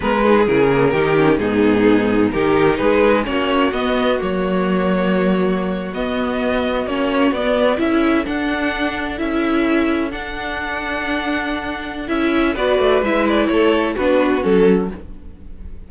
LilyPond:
<<
  \new Staff \with { instrumentName = "violin" } { \time 4/4 \tempo 4 = 129 b'4 ais'2 gis'4~ | gis'4 ais'4 b'4 cis''4 | dis''4 cis''2.~ | cis''8. dis''2 cis''4 d''16~ |
d''8. e''4 fis''2 e''16~ | e''4.~ e''16 fis''2~ fis''16~ | fis''2 e''4 d''4 | e''8 d''8 cis''4 b'4 a'4 | }
  \new Staff \with { instrumentName = "violin" } { \time 4/4 ais'8 gis'4. g'4 dis'4~ | dis'4 g'4 gis'4 fis'4~ | fis'1~ | fis'1~ |
fis'8. a'2.~ a'16~ | a'1~ | a'2. b'4~ | b'4 a'4 fis'2 | }
  \new Staff \with { instrumentName = "viola" } { \time 4/4 b8 dis'8 e'8 ais8 dis'8 cis'8 b4~ | b4 dis'2 cis'4 | b4 ais2.~ | ais8. b2 cis'4 b16~ |
b8. e'4 d'2 e'16~ | e'4.~ e'16 d'2~ d'16~ | d'2 e'4 fis'4 | e'2 d'4 cis'4 | }
  \new Staff \with { instrumentName = "cello" } { \time 4/4 gis4 cis4 dis4 gis,4~ | gis,4 dis4 gis4 ais4 | b4 fis2.~ | fis8. b2 ais4 b16~ |
b8. cis'4 d'2 cis'16~ | cis'4.~ cis'16 d'2~ d'16~ | d'2 cis'4 b8 a8 | gis4 a4 b4 fis4 | }
>>